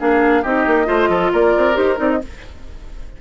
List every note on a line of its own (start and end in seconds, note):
0.00 0.45 A#3
0.00 0.44 D4
0.00 0.43 G#4
0.00 0.44 F5
0.43 0.67 C4
0.43 0.86 D#4
0.43 0.87 G4
0.43 1.32 D#5
0.67 0.89 A#3
0.86 1.09 A3
0.86 1.74 F4
0.86 1.10 C5
1.09 1.31 F3
1.09 1.32 A4
1.33 1.56 A#3
1.33 2.21 A#4
1.33 1.77 D5
1.57 1.77 C4
1.75 1.99 D#4
1.75 1.96 G4
1.75 1.99 C5
1.96 2.22 C4
1.96 2.18 D#4
1.96 2.11 D5
2.11 2.22 D#5